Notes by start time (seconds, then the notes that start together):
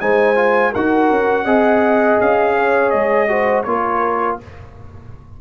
0.00 G#3 D#4 C5 G#5
0.35 F4
0.72 D#4 F#4 A#4 F#5
1.10 C#4
1.44 C4 G#4 D#5
2.20 C#4 F5
2.56 C#5
2.89 G#3 D#5
3.28 F#4 C5
3.63 A#3 F4 A#4 C#5